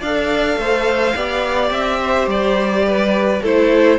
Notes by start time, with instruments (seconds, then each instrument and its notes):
0.00 cello D4, viola A4, violin D5 F5
0.57 cello A3, violin C5
1.16 cello B3, viola G4, violin D5
1.70 cello C4, violin E5
2.01 violin C5
2.27 cello G3, violin D5
2.87 violin B4
3.42 cello A3, viola E4, violin A4 C5